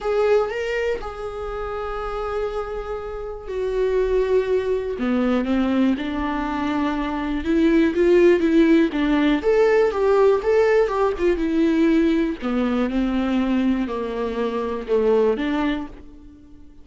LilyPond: \new Staff \with { instrumentName = "viola" } { \time 4/4 \tempo 4 = 121 gis'4 ais'4 gis'2~ | gis'2. fis'4~ | fis'2 b4 c'4 | d'2. e'4 |
f'4 e'4 d'4 a'4 | g'4 a'4 g'8 f'8 e'4~ | e'4 b4 c'2 | ais2 a4 d'4 | }